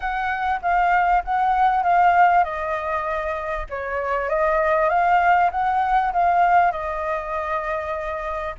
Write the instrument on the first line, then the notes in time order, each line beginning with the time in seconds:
flute
0.00 F#5
0.62 F5
1.24 F#5
1.83 F5
2.44 D#5
3.69 C#5
4.29 D#5
4.89 F5
5.51 F#5
6.12 F5
6.71 D#5